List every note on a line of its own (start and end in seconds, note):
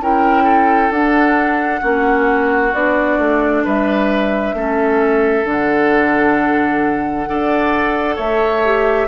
0.00 0.90 C#4
0.00 0.92 E4
0.00 0.43 A#4
0.00 0.92 G5
0.43 1.80 A4
0.90 1.81 D4
0.90 2.73 F#5
1.81 2.73 A#3
1.81 2.72 C#4
1.81 3.63 F#4
2.73 3.18 B3
2.73 4.55 D4
2.73 3.64 D5
3.18 3.63 A3
3.64 4.53 G3
3.64 4.55 B4
3.64 5.47 E5
4.53 5.44 A3
4.53 5.44 C#4
4.53 7.29 A4
5.44 7.26 D3
5.44 7.26 D4
5.44 8.17 F#5
7.26 8.18 D4
7.26 8.63 A4
7.26 8.15 D5
8.15 9.08 A3
8.15 9.06 C#5
8.15 9.08 E5
8.64 9.08 G4